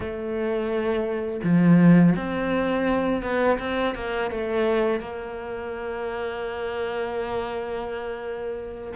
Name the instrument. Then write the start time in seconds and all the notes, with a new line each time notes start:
cello
0.00 A3
1.43 F3
2.16 C4
3.22 B3
3.59 C4
3.94 A#3
4.31 A3
4.99 A#3